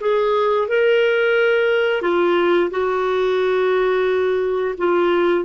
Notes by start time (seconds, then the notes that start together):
0.00 G#4
0.68 A#4
2.01 F4
2.70 F#4
4.78 F4